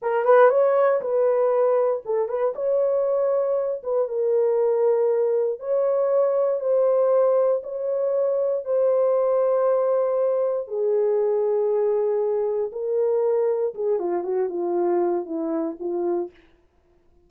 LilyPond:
\new Staff \with { instrumentName = "horn" } { \time 4/4 \tempo 4 = 118 ais'8 b'8 cis''4 b'2 | a'8 b'8 cis''2~ cis''8 b'8 | ais'2. cis''4~ | cis''4 c''2 cis''4~ |
cis''4 c''2.~ | c''4 gis'2.~ | gis'4 ais'2 gis'8 f'8 | fis'8 f'4. e'4 f'4 | }